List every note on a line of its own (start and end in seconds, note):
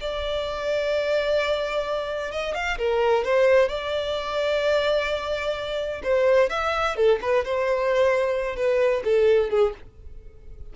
0.00 2.31 D5
2.31 2.54 D#5
2.54 2.77 F5
2.78 3.24 A#4
3.24 3.68 C5
3.68 6.01 D5
6.03 6.49 C5
6.49 6.96 E5
6.96 7.19 A4
7.21 7.44 B4
7.45 8.56 C5
8.56 9.02 B4
9.04 9.50 A4
9.50 9.73 G#4